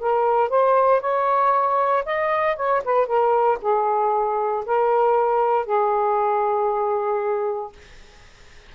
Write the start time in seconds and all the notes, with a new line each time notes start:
0.00 A#4
0.50 C5
1.01 C#5
2.06 D#5
2.57 C#5
2.85 B4
3.07 A#4
3.62 G#4
4.66 A#4
5.66 G#4